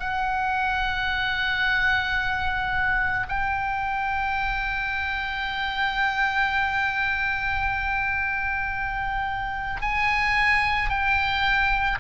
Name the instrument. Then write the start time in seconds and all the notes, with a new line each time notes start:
oboe
0.00 F#5
3.29 G5
9.82 G#5
10.89 G5